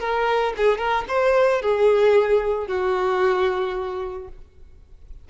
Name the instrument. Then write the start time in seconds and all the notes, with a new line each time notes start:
violin
0.00 A#4
0.57 G#4
0.78 A#4
1.08 C5
1.62 G#4
2.68 F#4